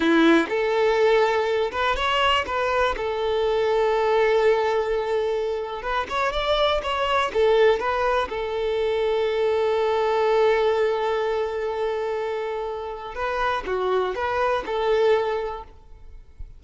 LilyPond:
\new Staff \with { instrumentName = "violin" } { \time 4/4 \tempo 4 = 123 e'4 a'2~ a'8 b'8 | cis''4 b'4 a'2~ | a'1 | b'8 cis''8 d''4 cis''4 a'4 |
b'4 a'2.~ | a'1~ | a'2. b'4 | fis'4 b'4 a'2 | }